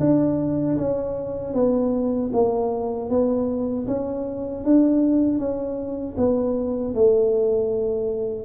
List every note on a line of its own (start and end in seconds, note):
0.00 0.77 D4
0.77 1.54 C#4
1.54 2.31 B3
2.33 3.10 A#3
3.10 3.87 B3
3.87 4.64 C#4
4.64 5.39 D4
5.39 6.16 C#4
6.17 6.94 B3
6.94 8.45 A3